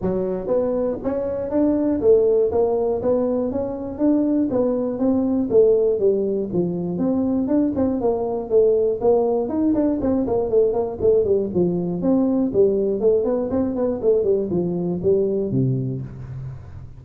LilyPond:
\new Staff \with { instrumentName = "tuba" } { \time 4/4 \tempo 4 = 120 fis4 b4 cis'4 d'4 | a4 ais4 b4 cis'4 | d'4 b4 c'4 a4 | g4 f4 c'4 d'8 c'8 |
ais4 a4 ais4 dis'8 d'8 | c'8 ais8 a8 ais8 a8 g8 f4 | c'4 g4 a8 b8 c'8 b8 | a8 g8 f4 g4 c4 | }